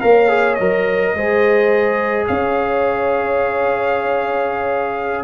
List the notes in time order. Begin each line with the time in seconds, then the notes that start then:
0.00 A#3 A#4 C#5 F5
0.28 G#4
0.54 F#3 A#4 D#5
1.14 G#3 G#4 C5
2.27 C#4 C#5 F5